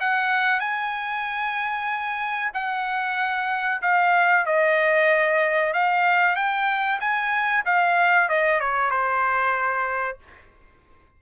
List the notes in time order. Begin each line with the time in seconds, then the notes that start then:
0.00 F#5
0.59 G#5
2.53 F#5
3.81 F5
4.45 D#5
5.73 F5
6.35 G5
7.00 G#5
7.65 F5
8.29 D#5
8.60 C#5
8.90 C5